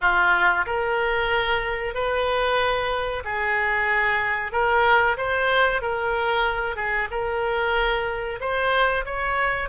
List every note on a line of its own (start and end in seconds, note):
0.01 0.65 F4
0.66 1.94 A#4
1.94 3.23 B4
3.24 4.52 G#4
4.52 5.16 A#4
5.17 5.81 C5
5.81 6.76 A#4
6.76 7.08 G#4
7.10 8.39 A#4
8.40 9.05 C5
9.05 9.69 C#5